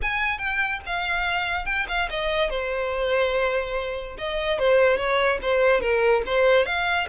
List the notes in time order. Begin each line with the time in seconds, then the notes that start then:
0.02 G#5
0.38 G5
0.86 F5
1.65 G5
1.88 F5
2.09 D#5
2.50 C5
4.18 D#5
4.58 C5
4.97 C#5
5.42 C5
5.80 A#4
6.26 C5
6.66 F5